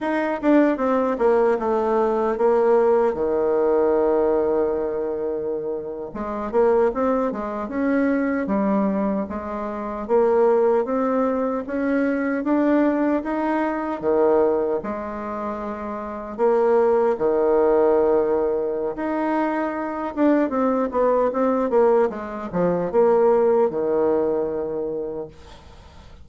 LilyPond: \new Staff \with { instrumentName = "bassoon" } { \time 4/4 \tempo 4 = 76 dis'8 d'8 c'8 ais8 a4 ais4 | dis2.~ dis8. gis16~ | gis16 ais8 c'8 gis8 cis'4 g4 gis16~ | gis8. ais4 c'4 cis'4 d'16~ |
d'8. dis'4 dis4 gis4~ gis16~ | gis8. ais4 dis2~ dis16 | dis'4. d'8 c'8 b8 c'8 ais8 | gis8 f8 ais4 dis2 | }